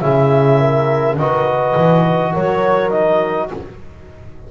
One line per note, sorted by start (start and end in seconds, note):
0.00 1.17 C#3
0.00 1.17 E4
0.00 0.59 G#4
0.00 1.15 E5
0.59 1.17 A#4
1.17 1.74 D#3
1.17 2.91 F#4
1.17 2.32 B4
1.17 2.33 D#5
1.77 2.34 E3
2.32 3.51 F#3
2.32 3.48 A#4
2.32 2.90 C#5
2.90 3.49 D#4
2.90 3.47 D#5